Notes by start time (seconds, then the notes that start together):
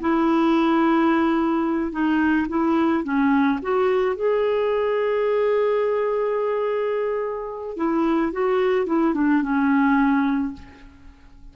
0.00 E4
1.91 D#4
2.48 E4
3.04 C#4
3.62 F#4
4.16 G#4
7.76 E4
8.32 F#4
8.86 E4
9.14 D4
9.42 C#4